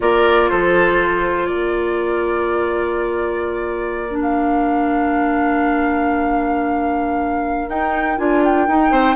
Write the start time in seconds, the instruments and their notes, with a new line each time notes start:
0.00 bassoon A#3, clarinet F4, oboe A#4, flute D5
0.49 bassoon F3, oboe A4, flute C5
1.46 bassoon A#3, oboe A#4, flute D5
4.10 clarinet D4
4.22 flute F5
7.68 bassoon D#4, clarinet D#4, flute G5
8.17 bassoon D4, clarinet F4, flute G#5
8.44 flute G5
8.67 clarinet D#4, bassoon D#4
8.91 bassoon C4, oboe C5